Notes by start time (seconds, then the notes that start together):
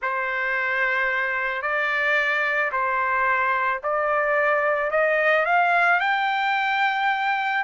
0.01 C5
1.62 D5
2.72 C5
3.83 D5
4.91 D#5
5.45 F5
6.00 G5